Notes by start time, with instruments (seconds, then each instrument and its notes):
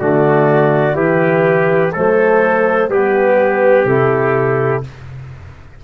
0.00 tuba D3, trombone A3, trumpet F#4, clarinet D5
0.93 tuba E3, trombone E4, trumpet G4, clarinet B4
1.93 tuba F#3, trombone A3, trumpet A4, clarinet C5
2.88 tuba G3, trombone B3, trumpet G4, clarinet B4
3.85 tuba C3, trombone E4, clarinet A4